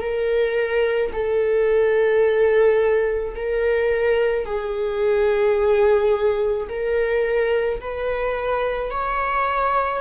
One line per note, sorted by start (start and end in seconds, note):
0.00 1.11 A#4
1.13 3.35 A4
3.36 4.46 A#4
4.46 6.68 G#4
6.69 7.80 A#4
7.81 8.91 B4
8.91 10.02 C#5